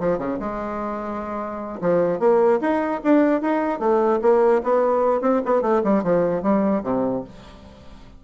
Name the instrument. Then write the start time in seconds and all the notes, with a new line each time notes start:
bassoon
0.00 F3
0.18 C#3
0.39 G#3
1.81 F3
2.20 A#3
2.61 D#4
3.04 D4
3.42 D#4
3.79 A3
4.22 A#3
4.63 B3
5.22 C4
5.46 B3
5.62 A3
5.84 G3
6.03 F3
6.43 G3
6.84 C3